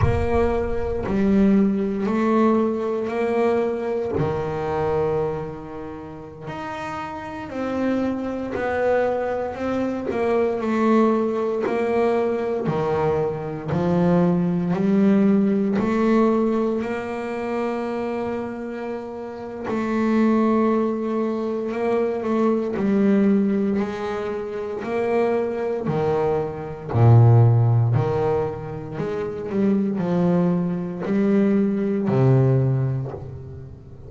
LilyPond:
\new Staff \with { instrumentName = "double bass" } { \time 4/4 \tempo 4 = 58 ais4 g4 a4 ais4 | dis2~ dis16 dis'4 c'8.~ | c'16 b4 c'8 ais8 a4 ais8.~ | ais16 dis4 f4 g4 a8.~ |
a16 ais2~ ais8. a4~ | a4 ais8 a8 g4 gis4 | ais4 dis4 ais,4 dis4 | gis8 g8 f4 g4 c4 | }